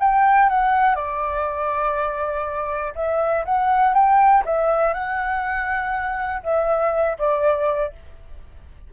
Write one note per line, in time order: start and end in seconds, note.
0.00 0.50 G5
0.50 0.96 F#5
0.96 2.94 D5
2.96 3.45 E5
3.46 3.94 F#5
3.94 4.44 G5
4.46 4.94 E5
4.94 6.43 F#5
6.43 7.18 E5
7.19 7.93 D5